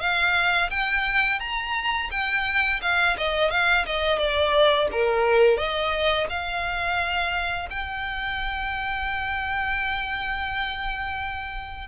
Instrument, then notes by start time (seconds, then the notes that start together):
violin
0.00 F5
0.70 G5
1.40 A#5
2.11 G5
2.82 F5
3.17 D#5
3.50 F5
3.85 D#5
4.18 D5
4.92 A#4
5.57 D#5
6.29 F5
7.70 G5